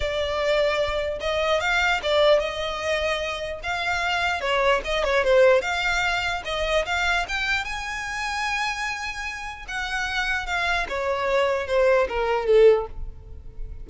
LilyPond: \new Staff \with { instrumentName = "violin" } { \time 4/4 \tempo 4 = 149 d''2. dis''4 | f''4 d''4 dis''2~ | dis''4 f''2 cis''4 | dis''8 cis''8 c''4 f''2 |
dis''4 f''4 g''4 gis''4~ | gis''1 | fis''2 f''4 cis''4~ | cis''4 c''4 ais'4 a'4 | }